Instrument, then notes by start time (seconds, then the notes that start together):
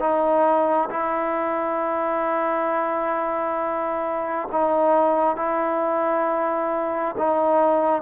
trombone
0.00 D#4
0.90 E4
4.52 D#4
5.36 E4
7.18 D#4